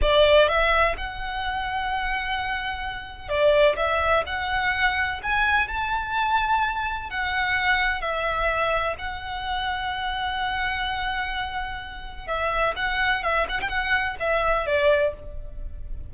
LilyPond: \new Staff \with { instrumentName = "violin" } { \time 4/4 \tempo 4 = 127 d''4 e''4 fis''2~ | fis''2. d''4 | e''4 fis''2 gis''4 | a''2. fis''4~ |
fis''4 e''2 fis''4~ | fis''1~ | fis''2 e''4 fis''4 | e''8 fis''16 g''16 fis''4 e''4 d''4 | }